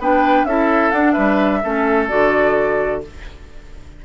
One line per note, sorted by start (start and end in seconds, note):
0.00 0.44 B3
0.00 0.48 D4
0.00 0.47 B4
0.00 0.45 G5
0.44 0.91 C#4
0.44 0.92 E4
0.44 1.13 A4
0.44 0.91 E5
0.91 1.62 D4
0.91 1.16 D4
0.91 1.12 F#5
1.12 1.64 G3
1.12 1.60 B4
1.12 2.05 E5
1.64 2.11 A3
1.64 2.09 C#4
1.64 3.03 A4
2.08 3.05 D3
2.08 3.02 F#4
2.08 3.01 D5